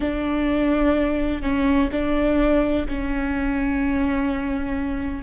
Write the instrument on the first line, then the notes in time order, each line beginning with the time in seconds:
viola
0.00 D4
1.42 C#4
1.91 D4
2.88 C#4